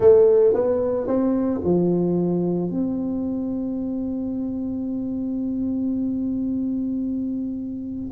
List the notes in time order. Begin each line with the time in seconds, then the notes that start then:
0.00 A3
0.53 B3
1.07 C4
1.63 F3
2.70 C4